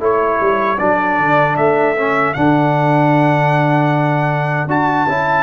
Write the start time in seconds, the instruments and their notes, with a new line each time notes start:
0.00 tuba A3, trombone E4, horn A4, trumpet C#5
0.41 tuba G3
0.79 tuba F#3, trombone D4, trumpet D5
1.19 tuba D3
1.57 tuba A3, trumpet E5
1.96 trombone C#4
2.34 tuba D3, trombone D4, trumpet F#5
4.67 tuba D4, trombone F#4, trumpet A5
5.08 tuba C#4, trombone E4